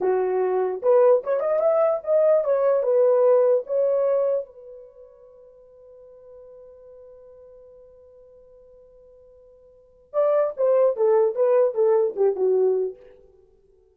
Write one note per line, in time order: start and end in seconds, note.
0.00 0.81 F#4
0.82 1.23 B4
1.23 1.40 C#5
1.40 1.59 D#5
1.59 2.00 E5
2.03 2.43 D#5
2.43 2.82 C#5
2.82 3.64 B4
3.66 4.45 C#5
4.45 10.13 B4
10.13 10.53 D5
10.57 10.96 C5
10.96 11.35 A4
11.35 11.74 B4
11.74 12.14 A4
12.15 12.35 G4
12.35 12.96 F#4